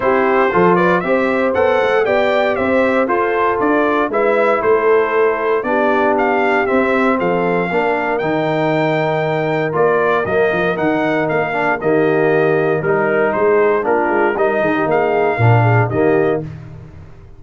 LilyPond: <<
  \new Staff \with { instrumentName = "trumpet" } { \time 4/4 \tempo 4 = 117 c''4. d''8 e''4 fis''4 | g''4 e''4 c''4 d''4 | e''4 c''2 d''4 | f''4 e''4 f''2 |
g''2. d''4 | dis''4 fis''4 f''4 dis''4~ | dis''4 ais'4 c''4 ais'4 | dis''4 f''2 dis''4 | }
  \new Staff \with { instrumentName = "horn" } { \time 4/4 g'4 a'8 b'8 c''2 | d''4 c''4 a'2 | b'4 a'2 g'4~ | g'2 a'4 ais'4~ |
ais'1~ | ais'2~ ais'8. gis'16 g'4~ | g'4 ais'4 gis'4 f'4 | ais'8 gis'16 g'16 gis'4 ais'8 gis'8 g'4 | }
  \new Staff \with { instrumentName = "trombone" } { \time 4/4 e'4 f'4 g'4 a'4 | g'2 f'2 | e'2. d'4~ | d'4 c'2 d'4 |
dis'2. f'4 | ais4 dis'4. d'8 ais4~ | ais4 dis'2 d'4 | dis'2 d'4 ais4 | }
  \new Staff \with { instrumentName = "tuba" } { \time 4/4 c'4 f4 c'4 b8 a8 | b4 c'4 f'4 d'4 | gis4 a2 b4~ | b4 c'4 f4 ais4 |
dis2. ais4 | fis8 f8 dis4 ais4 dis4~ | dis4 g4 gis4 ais8 gis8 | g8 dis8 ais4 ais,4 dis4 | }
>>